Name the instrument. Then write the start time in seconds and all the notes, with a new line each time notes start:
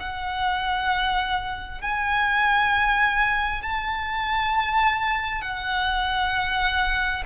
violin
0.00 F#5
1.82 G#5
3.63 A5
5.42 F#5